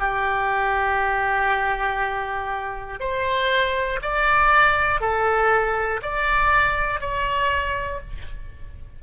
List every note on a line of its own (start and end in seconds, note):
0.00 3.00 G4
3.00 4.00 C5
4.02 5.01 D5
5.01 6.01 A4
6.03 7.00 D5
7.00 8.00 C#5